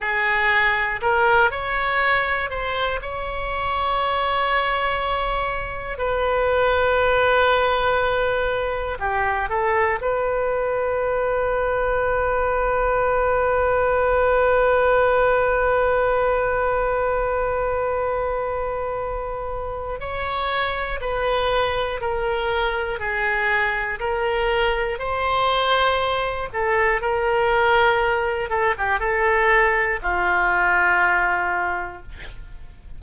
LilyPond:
\new Staff \with { instrumentName = "oboe" } { \time 4/4 \tempo 4 = 60 gis'4 ais'8 cis''4 c''8 cis''4~ | cis''2 b'2~ | b'4 g'8 a'8 b'2~ | b'1~ |
b'1 | cis''4 b'4 ais'4 gis'4 | ais'4 c''4. a'8 ais'4~ | ais'8 a'16 g'16 a'4 f'2 | }